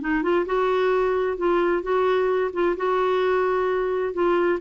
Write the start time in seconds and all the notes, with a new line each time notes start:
0.00 D#4
0.22 F4
0.45 F#4
1.37 F4
1.82 F#4
2.53 F4
2.76 F#4
4.13 F4